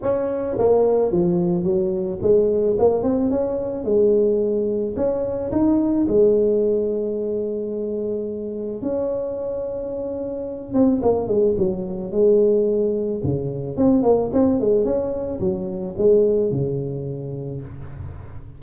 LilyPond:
\new Staff \with { instrumentName = "tuba" } { \time 4/4 \tempo 4 = 109 cis'4 ais4 f4 fis4 | gis4 ais8 c'8 cis'4 gis4~ | gis4 cis'4 dis'4 gis4~ | gis1 |
cis'2.~ cis'8 c'8 | ais8 gis8 fis4 gis2 | cis4 c'8 ais8 c'8 gis8 cis'4 | fis4 gis4 cis2 | }